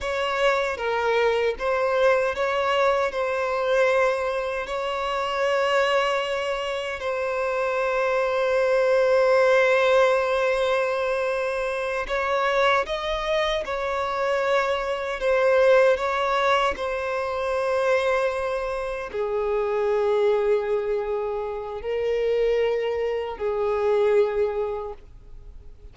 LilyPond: \new Staff \with { instrumentName = "violin" } { \time 4/4 \tempo 4 = 77 cis''4 ais'4 c''4 cis''4 | c''2 cis''2~ | cis''4 c''2.~ | c''2.~ c''8 cis''8~ |
cis''8 dis''4 cis''2 c''8~ | c''8 cis''4 c''2~ c''8~ | c''8 gis'2.~ gis'8 | ais'2 gis'2 | }